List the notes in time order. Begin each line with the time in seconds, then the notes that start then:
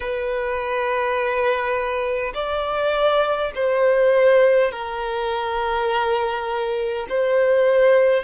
0.00 B4
2.34 D5
3.55 C5
4.71 A#4
7.09 C5